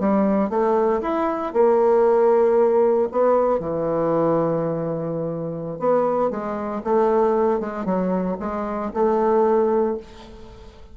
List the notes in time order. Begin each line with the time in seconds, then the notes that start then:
0.00 G3
0.50 A3
1.02 E4
1.53 A#3
3.12 B3
3.60 E3
5.79 B3
6.31 G#3
6.84 A3
7.60 G#3
7.86 F#3
8.40 G#3
8.94 A3